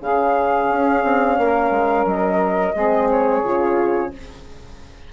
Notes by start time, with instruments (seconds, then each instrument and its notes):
0.00 bassoon C#3, horn C#4, saxophone G#4, flute F5
0.69 bassoon C#4
1.04 bassoon C4
1.37 bassoon A#3, saxophone A#4
1.70 bassoon G#3
2.05 bassoon F#3, flute D#5
2.74 bassoon G#3, horn C4, saxophone G#4
3.10 flute C#5
3.43 bassoon C#3, horn F4